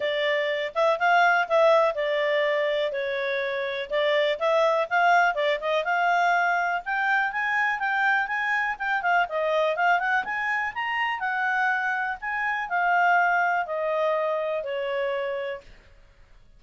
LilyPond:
\new Staff \with { instrumentName = "clarinet" } { \time 4/4 \tempo 4 = 123 d''4. e''8 f''4 e''4 | d''2 cis''2 | d''4 e''4 f''4 d''8 dis''8 | f''2 g''4 gis''4 |
g''4 gis''4 g''8 f''8 dis''4 | f''8 fis''8 gis''4 ais''4 fis''4~ | fis''4 gis''4 f''2 | dis''2 cis''2 | }